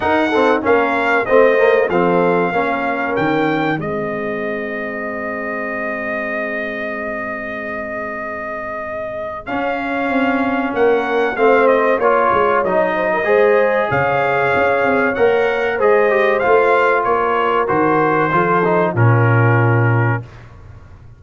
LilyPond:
<<
  \new Staff \with { instrumentName = "trumpet" } { \time 4/4 \tempo 4 = 95 fis''4 f''4 dis''4 f''4~ | f''4 g''4 dis''2~ | dis''1~ | dis''2. f''4~ |
f''4 fis''4 f''8 dis''8 cis''4 | dis''2 f''2 | fis''4 dis''4 f''4 cis''4 | c''2 ais'2 | }
  \new Staff \with { instrumentName = "horn" } { \time 4/4 ais'8 a'8 ais'4 c''4 a'4 | ais'2 gis'2~ | gis'1~ | gis'1~ |
gis'4 ais'4 c''4 cis''4~ | cis''8 c''16 ais'16 c''4 cis''2~ | cis''4 c''2 ais'4~ | ais'4 a'4 f'2 | }
  \new Staff \with { instrumentName = "trombone" } { \time 4/4 dis'8 c'8 cis'4 c'8 ais8 c'4 | cis'2 c'2~ | c'1~ | c'2. cis'4~ |
cis'2 c'4 f'4 | dis'4 gis'2. | ais'4 gis'8 g'8 f'2 | fis'4 f'8 dis'8 cis'2 | }
  \new Staff \with { instrumentName = "tuba" } { \time 4/4 dis'4 ais4 a4 f4 | ais4 dis4 gis2~ | gis1~ | gis2. cis'4 |
c'4 ais4 a4 ais8 gis8 | fis4 gis4 cis4 cis'8 c'8 | ais4 gis4 a4 ais4 | dis4 f4 ais,2 | }
>>